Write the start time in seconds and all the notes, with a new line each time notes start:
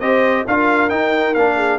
0.00 C4 G4 C5 D#5
0.47 D4 F4 A#4 F5
0.90 D#4 G5
1.35 A#3 D4 F5
1.57 G#4